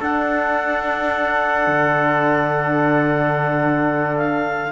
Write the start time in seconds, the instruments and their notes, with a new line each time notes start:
0.00 cello D4, horn D4, trumpet A4, clarinet F#5
1.67 cello D3
4.17 clarinet F5